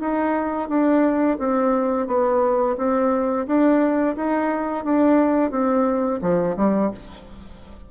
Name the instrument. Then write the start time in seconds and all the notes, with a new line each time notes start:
bassoon
0.00 D#4
0.69 D4
1.39 C4
2.07 B3
2.77 C4
3.47 D4
4.16 D#4
4.84 D4
5.51 C4
6.21 F3
6.56 G3